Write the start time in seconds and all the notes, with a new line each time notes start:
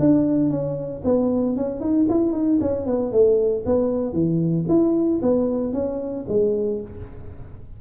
0.00 D4
0.50 C#4
1.05 B3
1.57 C#4
1.81 D#4
2.10 E4
2.33 D#4
2.61 C#4
2.86 B3
3.12 A3
3.66 B3
4.13 E3
4.69 E4
5.22 B3
5.74 C#4
6.29 G#3